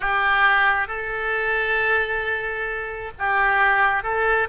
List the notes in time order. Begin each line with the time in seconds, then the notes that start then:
0.00 G4
0.87 A4
3.18 G4
4.03 A4